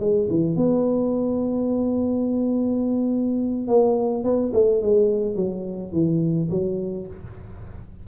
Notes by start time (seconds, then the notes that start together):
0.00 G#3
0.30 E3
0.56 B3
3.67 A#3
4.24 B3
4.54 A3
4.82 G#3
5.35 F#3
5.92 E3
6.50 F#3